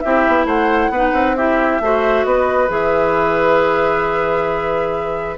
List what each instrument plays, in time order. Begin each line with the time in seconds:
0.00 bassoon C4, clarinet E4, oboe G4, flute E5
0.27 bassoon B3
0.45 bassoon A3, oboe C5, flute F#5
0.89 bassoon B3, clarinet D#4, oboe B4
1.12 bassoon C4
1.36 clarinet E4, oboe G4, flute E5
1.80 bassoon A3, clarinet F#4, oboe C5
2.24 bassoon B3, oboe B4, flute D#5
2.68 bassoon E3, clarinet G#4, flute E5